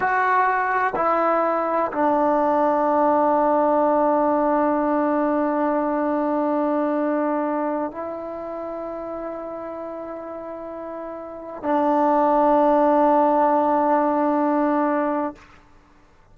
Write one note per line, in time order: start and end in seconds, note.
0.00 0.94 F#4
0.95 1.91 E4
1.92 7.91 D4
7.91 11.62 E4
11.62 15.34 D4